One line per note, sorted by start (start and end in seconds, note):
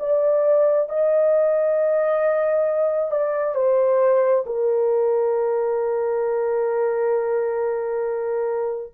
0.00 0.90 D5
0.90 3.11 D#5
3.11 3.55 D5
3.55 4.45 C5
4.46 8.94 A#4